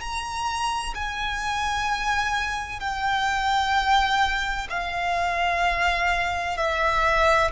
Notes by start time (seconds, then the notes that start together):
0.00 A#5
0.95 G#5
2.80 G5
4.70 F5
6.57 E5